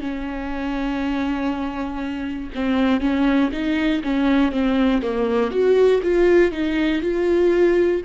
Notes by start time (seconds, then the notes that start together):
0.00 C#4
2.55 C4
3.00 C#4
3.52 D#4
4.03 C#4
4.51 C4
5.02 A#3
5.51 F#4
6.03 F4
6.51 D#4
7.02 F4